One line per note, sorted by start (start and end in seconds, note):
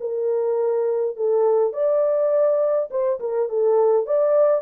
0.00 1.16 A#4
1.16 1.73 A4
1.73 2.89 D5
2.90 3.19 C5
3.19 3.48 A#4
3.49 4.06 A4
4.06 4.62 D5